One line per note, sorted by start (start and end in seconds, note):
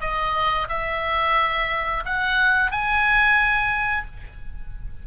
0.00 0.67 D#5
0.69 2.03 E5
2.05 2.71 F#5
2.71 4.05 G#5